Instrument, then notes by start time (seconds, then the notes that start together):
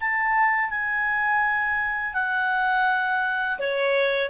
clarinet
0.00 A5
0.70 G#5
2.14 F#5
3.59 C#5